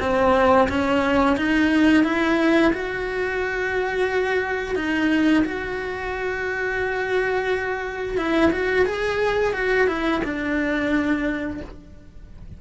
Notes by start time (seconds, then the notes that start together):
0.00 C4
0.68 C#4
1.36 D#4
2.04 E4
2.73 F#4
4.75 D#4
5.45 F#4
8.17 E4
8.52 F#4
8.86 G#4
9.53 F#4
9.87 E4
10.24 D4